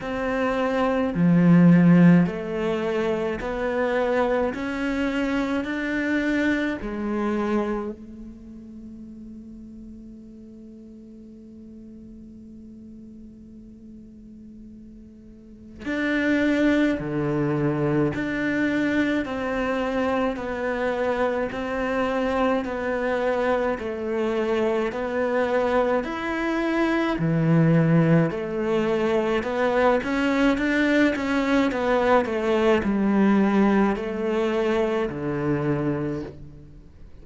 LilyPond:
\new Staff \with { instrumentName = "cello" } { \time 4/4 \tempo 4 = 53 c'4 f4 a4 b4 | cis'4 d'4 gis4 a4~ | a1~ | a2 d'4 d4 |
d'4 c'4 b4 c'4 | b4 a4 b4 e'4 | e4 a4 b8 cis'8 d'8 cis'8 | b8 a8 g4 a4 d4 | }